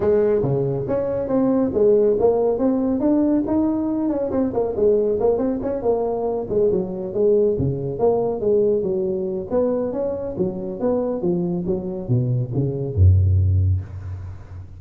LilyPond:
\new Staff \with { instrumentName = "tuba" } { \time 4/4 \tempo 4 = 139 gis4 cis4 cis'4 c'4 | gis4 ais4 c'4 d'4 | dis'4. cis'8 c'8 ais8 gis4 | ais8 c'8 cis'8 ais4. gis8 fis8~ |
fis8 gis4 cis4 ais4 gis8~ | gis8 fis4. b4 cis'4 | fis4 b4 f4 fis4 | b,4 cis4 fis,2 | }